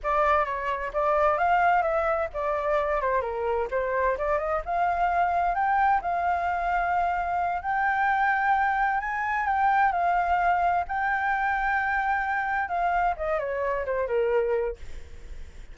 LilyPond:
\new Staff \with { instrumentName = "flute" } { \time 4/4 \tempo 4 = 130 d''4 cis''4 d''4 f''4 | e''4 d''4. c''8 ais'4 | c''4 d''8 dis''8 f''2 | g''4 f''2.~ |
f''8 g''2. gis''8~ | gis''8 g''4 f''2 g''8~ | g''2.~ g''8 f''8~ | f''8 dis''8 cis''4 c''8 ais'4. | }